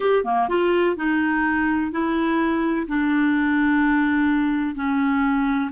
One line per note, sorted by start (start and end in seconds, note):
0.00 0.24 G4
0.24 0.48 A#3
0.48 0.96 F4
0.96 1.91 D#4
1.91 2.87 E4
2.87 4.75 D4
4.75 5.70 C#4